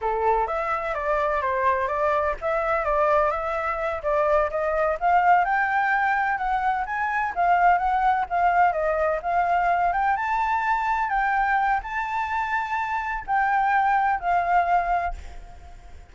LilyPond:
\new Staff \with { instrumentName = "flute" } { \time 4/4 \tempo 4 = 127 a'4 e''4 d''4 c''4 | d''4 e''4 d''4 e''4~ | e''8 d''4 dis''4 f''4 g''8~ | g''4. fis''4 gis''4 f''8~ |
f''8 fis''4 f''4 dis''4 f''8~ | f''4 g''8 a''2 g''8~ | g''4 a''2. | g''2 f''2 | }